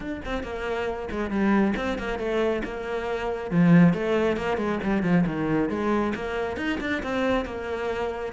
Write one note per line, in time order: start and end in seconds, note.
0.00 0.21 D4
0.25 0.43 C4
0.43 1.08 A#3
1.10 1.30 G#3
1.30 1.74 G3
1.76 1.98 C4
1.98 2.18 A#3
2.18 2.62 A3
2.64 3.50 A#3
3.50 3.93 F3
3.93 4.36 A3
4.36 4.57 A#3
4.57 4.79 G#3
4.83 5.03 G3
5.03 5.25 F3
5.26 5.69 D#3
5.69 6.13 G#3
6.15 6.57 A#3
6.57 6.78 D#4
6.80 7.02 D4
7.03 7.45 C4
7.45 8.32 A#3